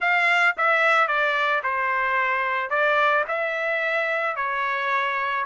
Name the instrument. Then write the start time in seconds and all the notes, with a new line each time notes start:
trumpet
0.00 F5
0.57 E5
1.07 D5
1.63 C5
2.70 D5
3.28 E5
4.36 C#5